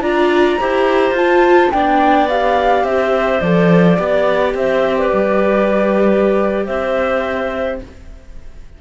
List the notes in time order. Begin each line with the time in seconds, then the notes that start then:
0.00 D4 F4 D5 A#5
0.59 E4 G4 C5
1.11 F4 A5
1.71 B3 D4 D5 G5
2.28 G4 F5
2.83 C4 C5 E5
3.40 F3 A4 D5
3.96 B3 G4 D5
4.54 C4 C5 E5
4.97 B4 D5
5.12 G3
6.65 C4 C5 E5